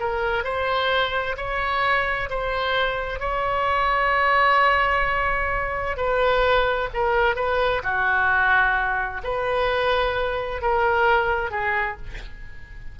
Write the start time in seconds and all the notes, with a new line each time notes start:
0.00 A#4
0.44 C5
1.37 C#5
2.30 C5
3.20 C#5
5.97 B4
6.94 A#4
7.36 B4
7.83 F#4
9.23 B4
10.62 A#4
11.51 G#4